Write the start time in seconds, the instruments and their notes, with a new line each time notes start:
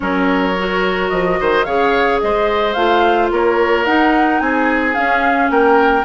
0.00 bassoon F#3, clarinet C#4, oboe A#4, flute C#5
0.58 clarinet F#4
1.09 bassoon F3, flute D#5
1.40 bassoon D#3, oboe C5
1.64 bassoon C#3, clarinet G#4, oboe C#5, flute F5
2.20 bassoon G#3, oboe C5, flute D#5
2.73 bassoon A3, clarinet F4, flute F5
3.31 bassoon A#3, oboe A#4, flute C#5
3.85 bassoon D#4, clarinet D#4, flute F#5
4.39 bassoon C4, oboe G#4, flute G#5
4.93 clarinet C#4, bassoon C#4, flute F5
5.50 bassoon A#3, oboe A#4, flute G5